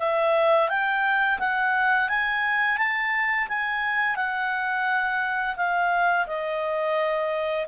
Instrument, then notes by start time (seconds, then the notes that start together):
clarinet
0.00 E5
0.69 G5
1.40 F#5
2.09 G#5
2.78 A5
3.49 G#5
4.17 F#5
5.57 F5
6.27 D#5